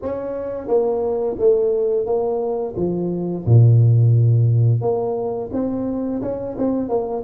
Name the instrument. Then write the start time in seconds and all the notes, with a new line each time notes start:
tuba
0.02 C#4
0.67 A#3
1.38 A3
2.05 A#3
2.76 F3
3.45 A#2
4.81 A#3
5.52 C4
6.22 C#4
6.58 C4
6.88 A#3